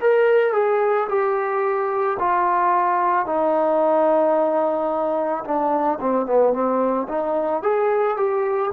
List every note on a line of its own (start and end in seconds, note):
0.00 0.53 A#4
0.53 1.08 G#4
1.09 2.18 G4
2.19 3.26 F4
3.26 5.44 D#4
5.44 5.99 D4
6.00 6.26 C4
6.26 6.53 B3
6.53 7.07 C4
7.08 7.63 D#4
7.63 8.17 G#4
8.17 8.71 G4